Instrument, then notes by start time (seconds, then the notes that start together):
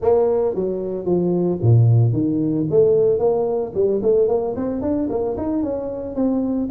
tuba
0.01 A#3
0.55 F#3
1.05 F3
1.61 A#2
2.13 D#3
2.70 A3
3.19 A#3
3.74 G3
4.02 A3
4.28 A#3
4.56 C4
4.81 D4
5.09 A#3
5.37 D#4
5.62 C#4
6.15 C4